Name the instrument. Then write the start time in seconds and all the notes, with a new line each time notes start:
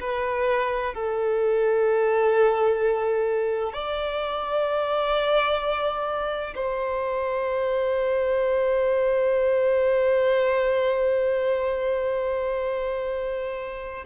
violin
0.00 B4
0.94 A4
3.73 D5
6.55 C5